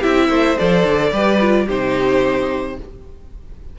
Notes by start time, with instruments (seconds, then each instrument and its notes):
0.00 cello C4, viola E4, violin G4 E5
0.28 cello A3, violin C5
0.58 cello F3, viola A4, violin D5
0.83 cello D3
1.12 cello G3, viola G4, violin B4
1.40 viola F4
1.66 cello C3, viola D#4, violin G4 C5